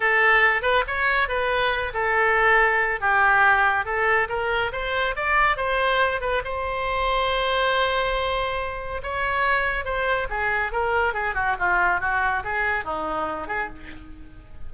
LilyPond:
\new Staff \with { instrumentName = "oboe" } { \time 4/4 \tempo 4 = 140 a'4. b'8 cis''4 b'4~ | b'8 a'2~ a'8 g'4~ | g'4 a'4 ais'4 c''4 | d''4 c''4. b'8 c''4~ |
c''1~ | c''4 cis''2 c''4 | gis'4 ais'4 gis'8 fis'8 f'4 | fis'4 gis'4 dis'4. gis'8 | }